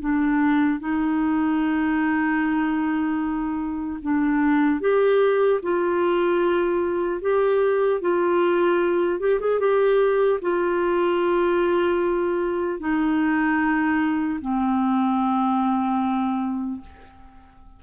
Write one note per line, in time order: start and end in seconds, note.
0.00 0.80 D4
0.80 4.00 D#4
4.02 4.80 D4
4.80 5.60 G4
5.63 7.21 F4
7.21 8.01 G4
8.01 9.20 F4
9.20 9.40 G4
9.40 9.60 G#4
9.60 10.40 G4
10.42 12.79 F4
12.79 14.39 D#4
14.41 16.81 C4